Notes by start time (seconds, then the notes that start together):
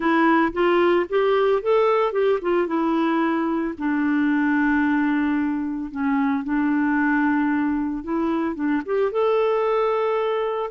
0.00 E4
0.53 F4
1.09 G4
1.62 A4
2.12 G4
2.41 F4
2.67 E4
3.78 D4
5.91 C#4
6.43 D4
8.03 E4
8.55 D4
8.85 G4
9.11 A4